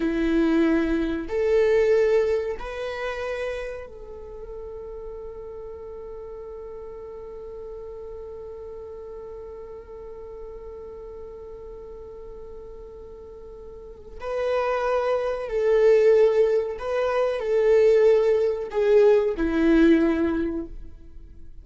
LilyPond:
\new Staff \with { instrumentName = "viola" } { \time 4/4 \tempo 4 = 93 e'2 a'2 | b'2 a'2~ | a'1~ | a'1~ |
a'1~ | a'2 b'2 | a'2 b'4 a'4~ | a'4 gis'4 e'2 | }